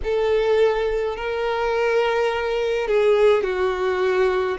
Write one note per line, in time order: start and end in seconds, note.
0.03 1.16 A4
1.16 2.87 A#4
2.87 3.43 G#4
3.43 4.57 F#4